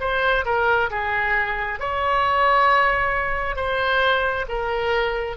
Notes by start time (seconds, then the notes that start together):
0.00 C5
0.45 A#4
0.91 G#4
1.80 C#5
3.56 C5
4.49 A#4